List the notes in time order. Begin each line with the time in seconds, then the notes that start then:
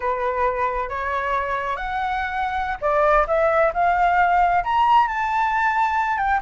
0.00 B4
0.89 C#5
1.76 F#5
2.81 D5
3.27 E5
3.73 F5
4.64 A#5
5.07 A5
6.17 G5